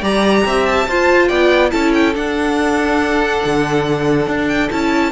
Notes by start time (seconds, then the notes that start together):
0.00 G3 G4 D5 A#5
0.45 C4 E5
0.65 A5
0.88 F4 C5
1.27 B3 D5 G5
1.70 C#4 E4 A4 A5
1.93 G5
2.15 D4 F#5
3.44 D3
4.27 D4
4.47 G5
4.69 C#4 E4 A5